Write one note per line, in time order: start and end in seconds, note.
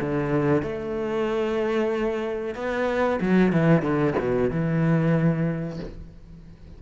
0.00 0.62 D3
0.62 2.55 A3
2.55 3.19 B3
3.21 3.52 F#3
3.52 3.82 E3
3.82 4.14 D3
4.19 4.50 B2
4.50 5.79 E3